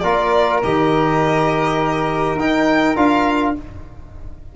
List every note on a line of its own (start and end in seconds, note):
0.00 0.63 A#3
0.00 0.63 F4
0.00 3.56 A#4
0.00 0.59 D5
0.63 2.35 D#3
0.63 2.39 G4
0.63 2.39 D#5
2.35 2.94 D#4
2.35 2.96 D#4
2.35 2.96 G5
2.96 3.55 D4
2.96 3.55 F4
2.96 3.55 F5